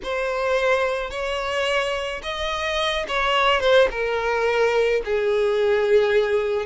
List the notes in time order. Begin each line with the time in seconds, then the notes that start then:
0.03 C5
1.10 C#5
2.22 D#5
3.07 C#5
3.60 C5
3.90 A#4
5.05 G#4